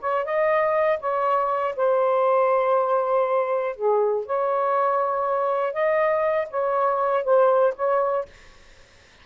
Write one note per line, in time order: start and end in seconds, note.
0.00 0.24 C#5
0.24 0.99 D#5
1.00 1.75 C#5
1.76 3.75 C5
3.75 4.25 G#4
4.26 5.73 C#5
5.73 6.48 D#5
6.50 7.24 C#5
7.24 7.74 C5
7.75 8.25 C#5